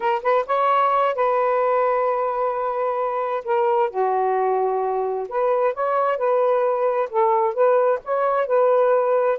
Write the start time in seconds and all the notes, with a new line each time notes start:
0.00 A#4
0.22 B4
0.46 C#5
1.15 B4
3.44 A#4
3.90 F#4
5.28 B4
5.74 C#5
6.17 B4
7.10 A4
7.53 B4
8.04 C#5
8.46 B4